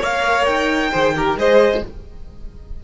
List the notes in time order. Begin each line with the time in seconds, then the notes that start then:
0.00 A#3 A#4 C#5 F5
0.46 D#4 G5
0.91 D#3 G#4 C5
1.16 G4 A#4
1.36 G#3 G#4 C5 D#5